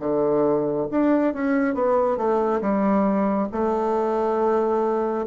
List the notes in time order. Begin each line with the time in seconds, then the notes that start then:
0.00 D3
0.91 D4
1.34 C#4
1.75 B3
2.17 A3
2.62 G3
3.53 A3